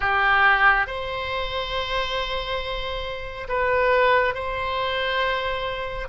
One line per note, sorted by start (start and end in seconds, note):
0.00 0.87 G4
0.87 3.47 C5
3.48 4.34 B4
4.34 6.08 C5